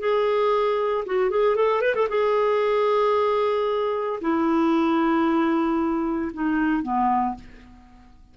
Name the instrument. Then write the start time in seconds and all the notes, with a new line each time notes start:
clarinet
0.00 G#4
1.06 F#4
1.31 G#4
1.56 A4
1.82 B4
1.95 A4
2.10 G#4
4.22 E4
6.34 D#4
6.83 B3